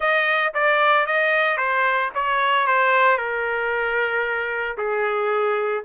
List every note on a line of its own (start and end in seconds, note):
0.00 0.53 D#5
0.54 1.06 D5
1.06 1.57 D#5
1.57 2.10 C5
2.14 2.67 C#5
2.67 3.17 C5
3.17 4.76 A#4
4.77 5.84 G#4